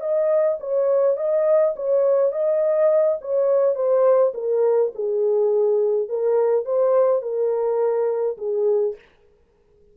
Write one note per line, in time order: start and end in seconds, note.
0.00 0.58 D#5
0.60 1.17 C#5
1.17 1.74 D#5
1.76 2.32 C#5
2.32 3.18 D#5
3.21 3.75 C#5
3.75 4.33 C5
4.34 4.92 A#4
4.95 6.08 G#4
6.08 6.65 A#4
6.65 7.22 C5
7.22 8.37 A#4
8.37 8.95 G#4